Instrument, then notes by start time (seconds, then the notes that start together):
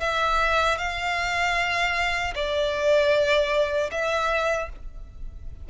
violin
0.00 E5
0.78 F5
2.34 D5
3.91 E5